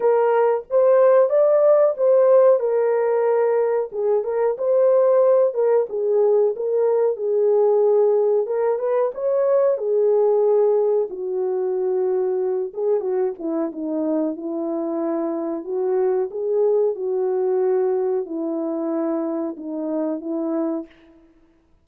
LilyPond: \new Staff \with { instrumentName = "horn" } { \time 4/4 \tempo 4 = 92 ais'4 c''4 d''4 c''4 | ais'2 gis'8 ais'8 c''4~ | c''8 ais'8 gis'4 ais'4 gis'4~ | gis'4 ais'8 b'8 cis''4 gis'4~ |
gis'4 fis'2~ fis'8 gis'8 | fis'8 e'8 dis'4 e'2 | fis'4 gis'4 fis'2 | e'2 dis'4 e'4 | }